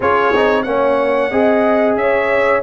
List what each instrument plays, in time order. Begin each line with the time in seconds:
0.00 tuba C#4, trombone F4, horn G#4, trumpet C#5
0.33 tuba C4, trombone D#4
0.62 tuba A#3, trombone C#4, horn C#5, trumpet F#5
1.31 tuba C4, trombone G#4, horn D#5
1.96 tuba C#4, horn C#5, trumpet E5